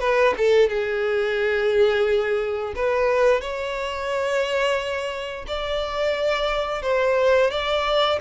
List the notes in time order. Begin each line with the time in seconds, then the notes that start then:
0.00 B4
0.37 A4
0.69 G#4
2.75 B4
3.41 C#5
5.47 D5
6.82 C5
7.51 D5